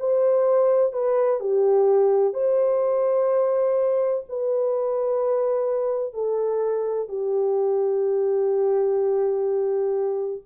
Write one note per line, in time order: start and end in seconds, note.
0.00 0.94 C5
0.94 1.41 B4
1.41 2.34 G4
2.34 4.25 C5
4.29 6.14 B4
6.14 7.09 A4
7.09 10.42 G4